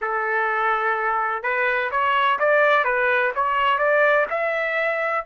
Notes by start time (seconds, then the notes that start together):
0.01 A4
1.42 B4
1.91 C#5
2.39 D5
2.84 B4
3.35 C#5
3.78 D5
4.29 E5